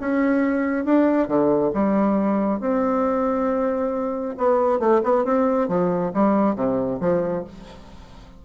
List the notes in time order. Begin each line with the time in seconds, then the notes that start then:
0.00 C#4
0.85 D4
1.27 D3
1.74 G3
2.60 C4
4.37 B3
4.79 A3
5.03 B3
5.24 C4
5.68 F3
6.13 G3
6.55 C3
7.00 F3